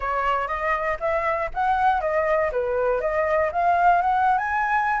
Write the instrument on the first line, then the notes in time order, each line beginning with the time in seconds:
flute
0.00 C#5
0.47 D#5
1.00 E5
1.54 F#5
2.00 D#5
2.52 B4
3.00 D#5
3.52 F5
4.01 F#5
4.38 G#5